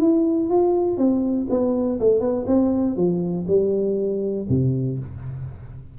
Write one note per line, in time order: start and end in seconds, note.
0.00 0.49 E4
0.49 0.97 F4
0.97 1.47 C4
1.50 1.99 B3
2.00 2.20 A3
2.20 2.45 B3
2.46 2.96 C4
2.96 3.46 F3
3.47 4.47 G3
4.49 4.99 C3